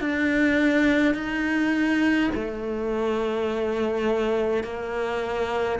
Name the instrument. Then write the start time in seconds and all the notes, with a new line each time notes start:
cello
0.00 D4
1.14 D#4
2.34 A3
4.64 A#3